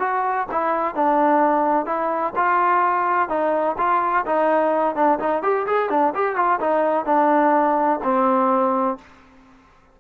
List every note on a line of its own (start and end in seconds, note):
0.00 0.47 F#4
0.52 0.95 E4
0.95 1.86 D4
1.86 2.34 E4
2.36 3.29 F4
3.29 3.77 D#4
3.78 4.26 F4
4.26 4.96 D#4
4.96 5.19 D4
5.20 5.43 D#4
5.43 5.67 G4
5.67 5.90 G#4
5.90 6.14 D4
6.15 6.36 G4
6.36 6.60 F4
6.60 7.06 D#4
7.06 8.00 D4
8.04 8.98 C4